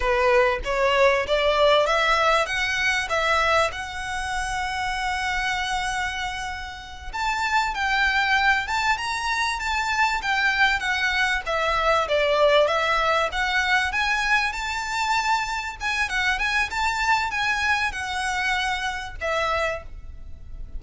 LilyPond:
\new Staff \with { instrumentName = "violin" } { \time 4/4 \tempo 4 = 97 b'4 cis''4 d''4 e''4 | fis''4 e''4 fis''2~ | fis''2.~ fis''8 a''8~ | a''8 g''4. a''8 ais''4 a''8~ |
a''8 g''4 fis''4 e''4 d''8~ | d''8 e''4 fis''4 gis''4 a''8~ | a''4. gis''8 fis''8 gis''8 a''4 | gis''4 fis''2 e''4 | }